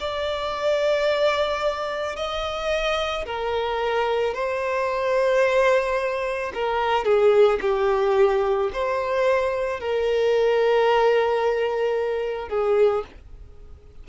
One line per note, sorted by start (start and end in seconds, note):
0.00 2.16 D5
2.16 3.25 D#5
3.25 4.34 A#4
4.34 6.52 C5
6.54 7.05 A#4
7.05 7.59 G#4
7.61 8.70 G4
8.73 9.80 C5
9.80 12.49 A#4
12.49 13.03 G#4